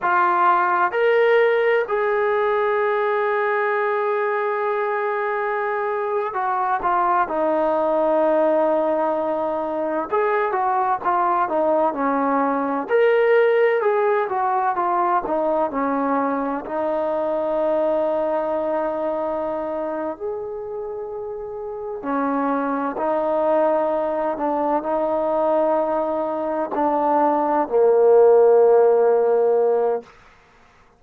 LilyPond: \new Staff \with { instrumentName = "trombone" } { \time 4/4 \tempo 4 = 64 f'4 ais'4 gis'2~ | gis'2~ gis'8. fis'8 f'8 dis'16~ | dis'2~ dis'8. gis'8 fis'8 f'16~ | f'16 dis'8 cis'4 ais'4 gis'8 fis'8 f'16~ |
f'16 dis'8 cis'4 dis'2~ dis'16~ | dis'4. gis'2 cis'8~ | cis'8 dis'4. d'8 dis'4.~ | dis'8 d'4 ais2~ ais8 | }